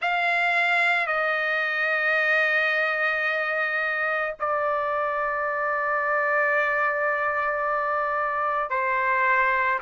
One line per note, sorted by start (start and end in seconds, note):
0.01 1.07 F5
1.07 4.34 D#5
4.39 8.70 D5
8.70 9.79 C5